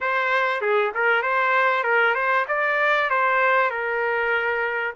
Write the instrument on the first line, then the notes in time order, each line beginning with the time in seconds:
trumpet
0.00 C5
0.61 G#4
0.94 A#4
1.22 C5
1.83 A#4
2.15 C5
2.47 D5
3.10 C5
3.70 A#4